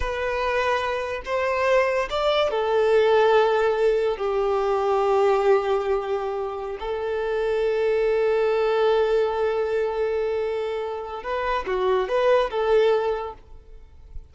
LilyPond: \new Staff \with { instrumentName = "violin" } { \time 4/4 \tempo 4 = 144 b'2. c''4~ | c''4 d''4 a'2~ | a'2 g'2~ | g'1~ |
g'16 a'2.~ a'8.~ | a'1~ | a'2. b'4 | fis'4 b'4 a'2 | }